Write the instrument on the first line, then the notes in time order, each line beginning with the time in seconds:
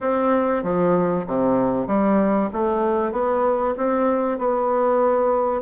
bassoon
0.01 C4
0.63 F3
1.26 C3
1.87 G3
2.52 A3
3.12 B3
3.77 C4
4.38 B3